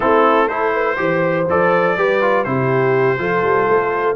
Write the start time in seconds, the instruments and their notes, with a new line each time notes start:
0.00 tuba A3, trombone C4, horn E4, trumpet A4
0.48 trombone E4, horn A4, trumpet C5
0.74 horn B4
0.96 tuba E3, trombone G4, horn C5
1.48 tuba F3, trombone A4, trumpet D5
1.96 tuba G3, trombone G4, horn B4
2.21 trombone F4
2.44 tuba C3, trombone E4, horn G4, trumpet C5
3.18 tuba F3, trombone F4, horn A4
3.43 tuba G3
3.69 tuba A3